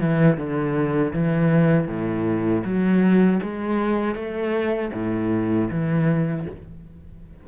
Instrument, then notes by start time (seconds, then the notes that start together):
cello
0.00 E3
0.37 D3
1.13 E3
1.88 A2
2.64 F#3
3.42 G#3
4.15 A3
4.93 A2
5.70 E3